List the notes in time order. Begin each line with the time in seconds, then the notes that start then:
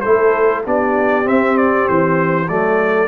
0.00 A3 E4 A4 C5
0.65 B3 D4 G4 D5
1.24 C4 E5
1.57 D5
1.87 E3 C5
2.48 F#3 A3 A4 D5